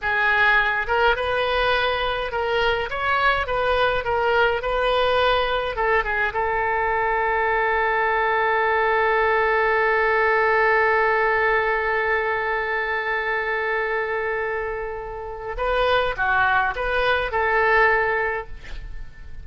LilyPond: \new Staff \with { instrumentName = "oboe" } { \time 4/4 \tempo 4 = 104 gis'4. ais'8 b'2 | ais'4 cis''4 b'4 ais'4 | b'2 a'8 gis'8 a'4~ | a'1~ |
a'1~ | a'1~ | a'2. b'4 | fis'4 b'4 a'2 | }